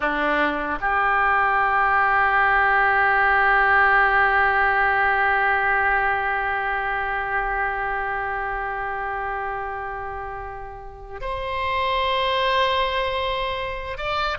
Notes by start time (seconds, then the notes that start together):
0.00 D4
0.80 G4
11.20 C5
13.97 D5